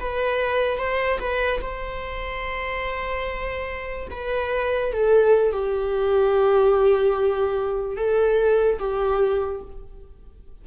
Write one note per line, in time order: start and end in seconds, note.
0.00 0.78 B4
0.78 1.19 C5
1.20 1.61 B4
1.62 4.08 C5
4.11 4.93 B4
4.93 5.53 A4
5.53 7.97 G4
7.97 8.79 A4
8.79 9.62 G4